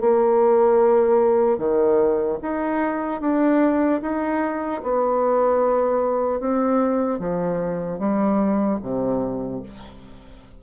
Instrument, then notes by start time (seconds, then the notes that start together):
bassoon
0.00 A#3
1.57 D#3
2.41 D#4
3.20 D4
4.01 D#4
4.82 B3
6.40 C4
7.19 F3
7.99 G3
8.82 C3